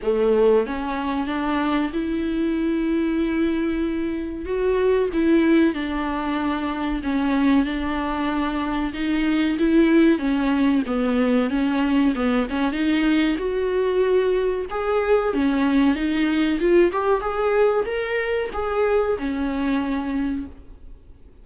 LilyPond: \new Staff \with { instrumentName = "viola" } { \time 4/4 \tempo 4 = 94 a4 cis'4 d'4 e'4~ | e'2. fis'4 | e'4 d'2 cis'4 | d'2 dis'4 e'4 |
cis'4 b4 cis'4 b8 cis'8 | dis'4 fis'2 gis'4 | cis'4 dis'4 f'8 g'8 gis'4 | ais'4 gis'4 cis'2 | }